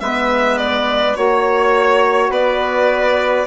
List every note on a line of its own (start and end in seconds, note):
0.00 1.16 G#3
0.00 1.14 B3
0.00 1.18 B4
0.00 0.57 E5
0.57 1.15 D5
1.14 2.30 A#3
1.14 3.45 F#4
1.14 2.30 C#5
1.14 2.31 C#5
2.30 3.45 B3
2.30 3.46 B4
2.30 3.47 D5